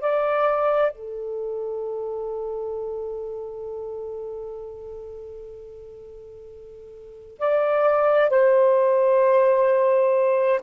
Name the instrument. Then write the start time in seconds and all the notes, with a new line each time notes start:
saxophone
0.00 D5
0.92 A4
7.39 D5
8.30 C5